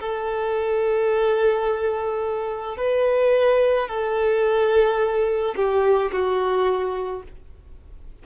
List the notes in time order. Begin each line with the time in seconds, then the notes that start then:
0.00 A4
2.77 B4
3.88 A4
5.56 G4
6.12 F#4